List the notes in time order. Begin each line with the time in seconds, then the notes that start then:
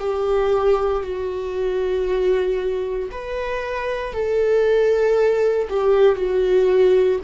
0.00 G4
1.03 F#4
3.12 B4
4.13 A4
5.70 G4
6.16 F#4